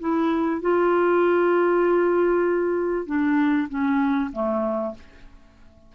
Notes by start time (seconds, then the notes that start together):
0.00 E4
0.61 F4
3.06 D4
3.69 C#4
4.32 A3